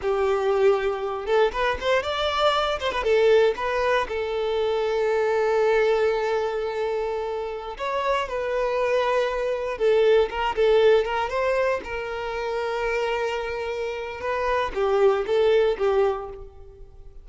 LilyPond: \new Staff \with { instrumentName = "violin" } { \time 4/4 \tempo 4 = 118 g'2~ g'8 a'8 b'8 c''8 | d''4. c''16 b'16 a'4 b'4 | a'1~ | a'2.~ a'16 cis''8.~ |
cis''16 b'2. a'8.~ | a'16 ais'8 a'4 ais'8 c''4 ais'8.~ | ais'1 | b'4 g'4 a'4 g'4 | }